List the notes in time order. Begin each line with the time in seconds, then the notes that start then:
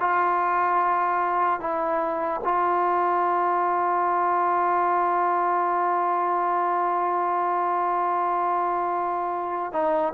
0.00 F4
1.60 E4
2.44 F4
9.73 D#4